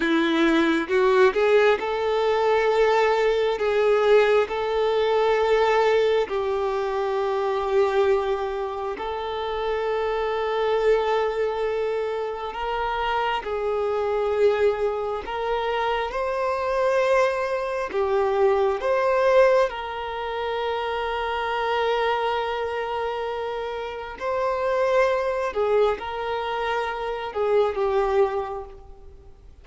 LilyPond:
\new Staff \with { instrumentName = "violin" } { \time 4/4 \tempo 4 = 67 e'4 fis'8 gis'8 a'2 | gis'4 a'2 g'4~ | g'2 a'2~ | a'2 ais'4 gis'4~ |
gis'4 ais'4 c''2 | g'4 c''4 ais'2~ | ais'2. c''4~ | c''8 gis'8 ais'4. gis'8 g'4 | }